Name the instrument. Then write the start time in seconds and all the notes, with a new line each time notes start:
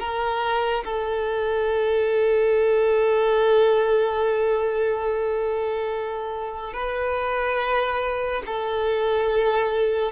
violin
0.00 A#4
0.85 A4
6.73 B4
8.47 A4